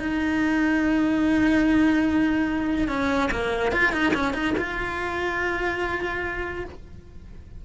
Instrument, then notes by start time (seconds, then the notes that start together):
cello
0.00 D#4
2.89 C#4
3.32 A#3
3.73 F4
3.93 D#4
4.14 C#4
4.34 D#4
4.58 F4